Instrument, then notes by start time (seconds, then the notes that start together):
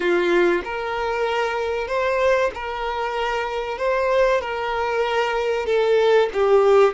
violin
0.00 F4
0.64 A#4
1.87 C5
2.54 A#4
3.78 C5
4.41 A#4
5.66 A4
6.33 G4